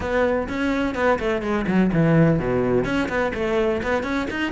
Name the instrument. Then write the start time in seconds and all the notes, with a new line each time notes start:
cello
0.00 B3
0.48 C#4
0.94 B3
1.19 A3
1.42 G#3
1.67 F#3
1.92 E3
2.39 B2
2.84 C#4
3.08 B3
3.34 A3
3.82 B3
4.03 C#4
4.30 D#4